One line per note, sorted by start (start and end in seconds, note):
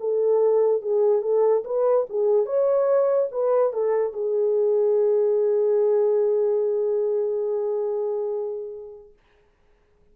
0.00 0.82 A4
0.82 1.22 G#4
1.22 1.64 A4
1.65 2.06 B4
2.10 2.46 G#4
2.46 3.29 C#5
3.32 3.73 B4
3.73 4.13 A4
4.13 9.13 G#4